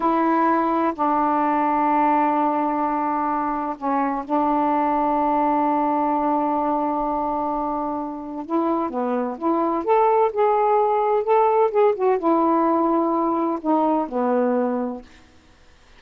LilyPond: \new Staff \with { instrumentName = "saxophone" } { \time 4/4 \tempo 4 = 128 e'2 d'2~ | d'1 | cis'4 d'2.~ | d'1~ |
d'2 e'4 b4 | e'4 a'4 gis'2 | a'4 gis'8 fis'8 e'2~ | e'4 dis'4 b2 | }